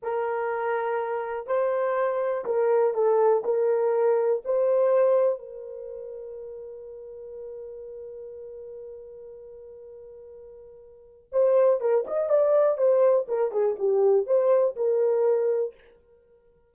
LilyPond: \new Staff \with { instrumentName = "horn" } { \time 4/4 \tempo 4 = 122 ais'2. c''4~ | c''4 ais'4 a'4 ais'4~ | ais'4 c''2 ais'4~ | ais'1~ |
ais'1~ | ais'2. c''4 | ais'8 dis''8 d''4 c''4 ais'8 gis'8 | g'4 c''4 ais'2 | }